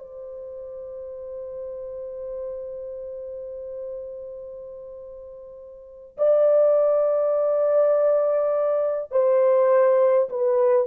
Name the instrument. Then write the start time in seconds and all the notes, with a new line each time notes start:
horn
0.00 C5
6.18 D5
9.12 C5
10.30 B4